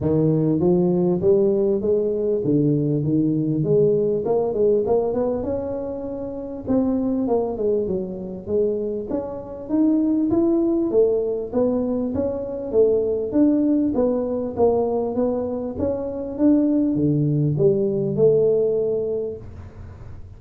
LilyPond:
\new Staff \with { instrumentName = "tuba" } { \time 4/4 \tempo 4 = 99 dis4 f4 g4 gis4 | d4 dis4 gis4 ais8 gis8 | ais8 b8 cis'2 c'4 | ais8 gis8 fis4 gis4 cis'4 |
dis'4 e'4 a4 b4 | cis'4 a4 d'4 b4 | ais4 b4 cis'4 d'4 | d4 g4 a2 | }